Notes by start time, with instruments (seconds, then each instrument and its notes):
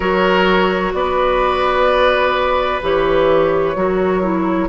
0.00 bassoon F#3, clarinet F#4, oboe A#4, flute C#5
0.93 bassoon B3, oboe B4, flute D5
2.82 bassoon E3, clarinet G4, flute C#5
3.75 bassoon F#3, clarinet F#4, oboe A#4
4.21 clarinet E4